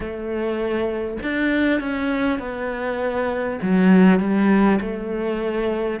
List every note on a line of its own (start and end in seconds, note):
0.00 1.17 A3
1.22 1.80 D4
1.80 2.39 C#4
2.39 3.59 B3
3.62 4.19 F#3
4.19 4.79 G3
4.81 6.00 A3